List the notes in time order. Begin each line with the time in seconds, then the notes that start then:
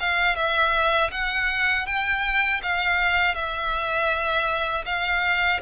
0.00 F5
0.35 E5
1.11 F#5
1.86 G5
2.62 F5
3.34 E5
4.85 F5